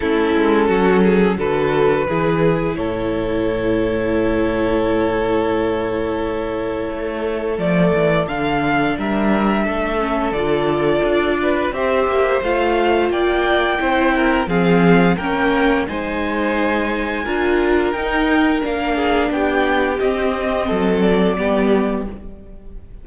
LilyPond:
<<
  \new Staff \with { instrumentName = "violin" } { \time 4/4 \tempo 4 = 87 a'2 b'2 | cis''1~ | cis''2. d''4 | f''4 e''2 d''4~ |
d''4 e''4 f''4 g''4~ | g''4 f''4 g''4 gis''4~ | gis''2 g''4 f''4 | g''4 dis''4. d''4. | }
  \new Staff \with { instrumentName = "violin" } { \time 4/4 e'4 fis'8 gis'8 a'4 gis'4 | a'1~ | a'1~ | a'4 ais'4 a'2~ |
a'8 b'8 c''2 d''4 | c''8 ais'8 gis'4 ais'4 c''4~ | c''4 ais'2~ ais'8 gis'8 | g'2 a'4 g'4 | }
  \new Staff \with { instrumentName = "viola" } { \time 4/4 cis'2 fis'4 e'4~ | e'1~ | e'2. a4 | d'2~ d'8 cis'8 f'4~ |
f'4 g'4 f'2 | e'4 c'4 cis'4 dis'4~ | dis'4 f'4 dis'4 d'4~ | d'4 c'2 b4 | }
  \new Staff \with { instrumentName = "cello" } { \time 4/4 a8 gis8 fis4 d4 e4 | a,1~ | a,2 a4 f8 e8 | d4 g4 a4 d4 |
d'4 c'8 ais8 a4 ais4 | c'4 f4 ais4 gis4~ | gis4 d'4 dis'4 ais4 | b4 c'4 fis4 g4 | }
>>